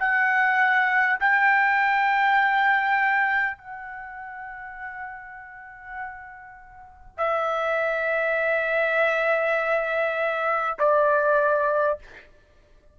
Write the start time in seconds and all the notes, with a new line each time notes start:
0.00 F#5
1.21 G5
3.58 F#5
7.18 E5
10.79 D5